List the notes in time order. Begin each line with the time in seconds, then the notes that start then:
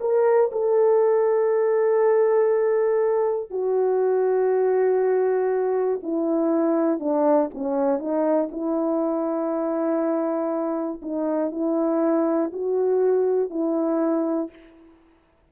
0.00 A#4
0.52 A4
3.50 F#4
6.02 E4
7.00 D4
7.54 C#4
7.99 D#4
8.50 E4
11.01 D#4
11.51 E4
12.53 F#4
13.50 E4